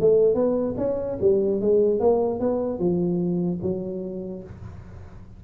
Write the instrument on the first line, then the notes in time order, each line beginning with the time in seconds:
tuba
0.00 A3
0.34 B3
0.78 C#4
1.21 G3
1.61 G#3
2.00 A#3
2.40 B3
2.79 F3
3.62 F#3